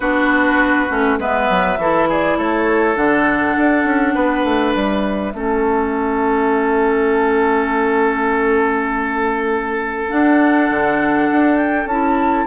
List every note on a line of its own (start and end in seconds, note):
0.00 0.89 B3
0.00 0.89 D4
0.00 1.19 F#4
0.00 1.19 B4
0.89 1.18 A3
0.89 1.19 C#4
1.18 1.48 G#3
1.18 1.79 B3
1.18 1.78 B4
1.18 2.09 E5
1.49 1.77 F#3
1.77 2.36 E3
1.77 2.95 E4
1.77 2.08 A4
2.08 2.38 G#4
2.08 2.38 D5
2.36 2.96 A3
2.36 4.14 A4
2.36 2.96 C#5
2.95 3.56 D3
2.95 5.33 D4
2.95 4.74 F#5
3.57 3.84 D4
3.84 4.14 C#4
4.14 4.44 B3
4.14 5.33 B4
4.44 4.74 A3
4.74 5.33 G3
4.74 10.09 E5
5.33 10.08 A3
5.33 10.09 C#4
5.33 12.46 A4
10.09 11.87 D4
10.09 10.70 D4
10.09 11.57 F#5
10.70 11.29 D3
11.31 11.85 D4
11.57 11.87 G5
11.85 12.44 C#4
11.85 12.46 E4
11.85 12.46 A5